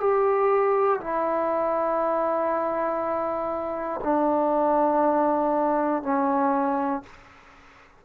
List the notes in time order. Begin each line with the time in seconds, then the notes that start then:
0.00 G4
1.00 E4
4.04 D4
6.02 C#4